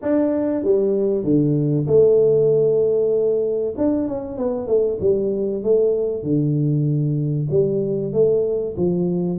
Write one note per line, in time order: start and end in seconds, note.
0.02 0.64 D4
0.64 1.24 G3
1.24 1.86 D3
1.86 3.74 A3
3.77 4.08 D4
4.08 4.37 C#4
4.37 4.67 B3
4.67 4.98 A3
5.00 5.62 G3
5.63 6.23 A3
6.23 7.48 D3
7.50 8.12 G3
8.12 8.75 A3
8.76 9.39 F3